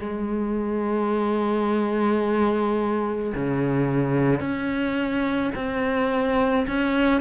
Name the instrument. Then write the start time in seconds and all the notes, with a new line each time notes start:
cello
0.00 G#3
3.35 C#3
4.40 C#4
5.56 C4
6.68 C#4